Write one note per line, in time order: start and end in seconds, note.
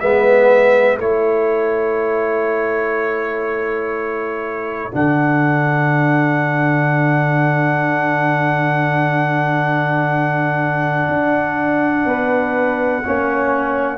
0.00 0.98 G#3
0.00 1.00 B3
0.00 1.01 B4
0.00 0.98 E5
0.98 4.91 A3
0.98 4.92 E4
0.98 12.06 A4
0.98 4.94 C#5
4.92 11.08 D3
4.92 13.04 D4
4.92 13.99 F#5
11.08 12.06 D4
12.06 13.04 B3
12.06 13.05 B4
13.05 13.99 A#3
13.05 13.99 C#4
13.05 13.99 C#5